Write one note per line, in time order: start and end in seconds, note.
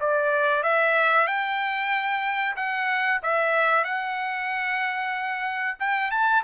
0.00 0.63 D5
0.63 1.27 E5
1.27 2.56 G5
2.56 3.21 F#5
3.23 3.84 E5
3.84 5.77 F#5
5.79 6.11 G5
6.11 6.43 A5